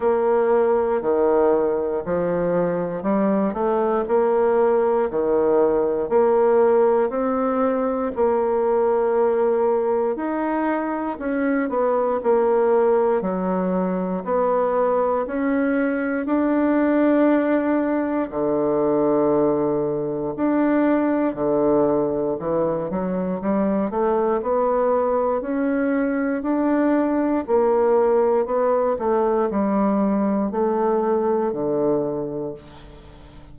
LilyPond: \new Staff \with { instrumentName = "bassoon" } { \time 4/4 \tempo 4 = 59 ais4 dis4 f4 g8 a8 | ais4 dis4 ais4 c'4 | ais2 dis'4 cis'8 b8 | ais4 fis4 b4 cis'4 |
d'2 d2 | d'4 d4 e8 fis8 g8 a8 | b4 cis'4 d'4 ais4 | b8 a8 g4 a4 d4 | }